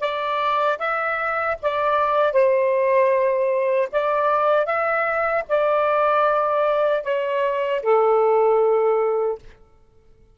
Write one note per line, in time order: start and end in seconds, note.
0.00 0.78 D5
0.78 1.56 E5
1.62 2.32 D5
2.32 3.88 C5
3.91 4.65 D5
4.65 5.43 E5
5.48 7.03 D5
7.03 7.81 C#5
7.82 9.38 A4